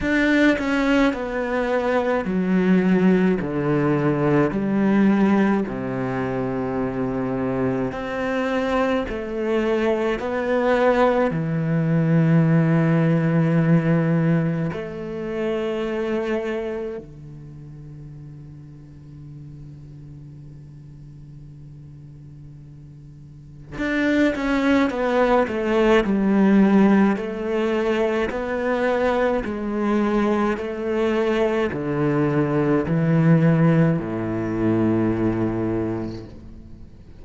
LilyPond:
\new Staff \with { instrumentName = "cello" } { \time 4/4 \tempo 4 = 53 d'8 cis'8 b4 fis4 d4 | g4 c2 c'4 | a4 b4 e2~ | e4 a2 d4~ |
d1~ | d4 d'8 cis'8 b8 a8 g4 | a4 b4 gis4 a4 | d4 e4 a,2 | }